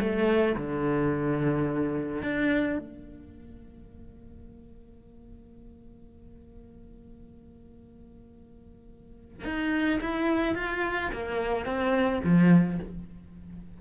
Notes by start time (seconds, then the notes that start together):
0.00 A3
0.57 D3
2.23 D4
2.79 A#3
9.45 D#4
10.01 E4
10.55 F4
11.14 A#3
11.66 C4
12.24 F3